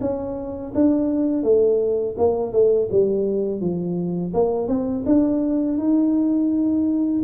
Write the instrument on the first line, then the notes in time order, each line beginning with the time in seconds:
tuba
0.00 C#4
0.74 D4
1.43 A3
2.18 A#3
2.52 A3
2.91 G3
3.60 F3
4.33 A#3
4.68 C4
5.05 D4
5.77 D#4